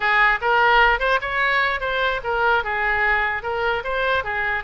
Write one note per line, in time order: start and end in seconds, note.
0.00 0.39 G#4
0.41 0.99 A#4
0.99 1.19 C5
1.21 1.80 C#5
1.80 2.20 C5
2.23 2.63 A#4
2.64 3.42 G#4
3.42 3.83 A#4
3.84 4.24 C5
4.24 4.63 G#4